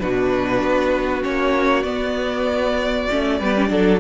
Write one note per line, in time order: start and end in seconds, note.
0.00 0.62 B2
0.00 1.23 D4
0.00 3.39 F#4
0.00 1.24 B4
0.62 1.24 B3
1.23 1.84 A#3
1.23 1.84 C#4
1.23 1.84 C#5
1.84 3.08 B3
1.84 4.00 D5
3.11 3.41 A3
3.11 3.42 C#4
3.39 3.71 G3
3.39 3.56 B3
3.39 3.70 B4
3.56 3.68 C#4
3.68 4.01 F#3
3.68 3.99 D4
3.68 4.01 A4